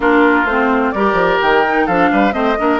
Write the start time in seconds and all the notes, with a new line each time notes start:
0.00 A#3 D4 F4 A#4
0.44 A3 C4 C5
0.91 G3 G4 A#4 D5
1.13 F3
1.41 D#3 G5
1.67 D#4
1.86 F3 D4 A4 F5
2.12 G3 B4
2.32 A3 C4 C5 D#5
2.58 A#3 D4 A#4